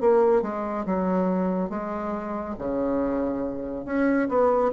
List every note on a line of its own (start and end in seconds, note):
0.00 0.42 A#3
0.42 0.85 G#3
0.85 1.69 F#3
1.69 2.55 G#3
2.58 3.85 C#3
3.85 4.28 C#4
4.29 4.71 B3